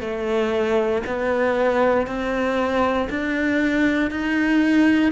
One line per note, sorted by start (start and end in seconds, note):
0.00 1.02 A3
1.06 2.07 B3
2.07 3.08 C4
3.09 4.10 D4
4.10 5.12 D#4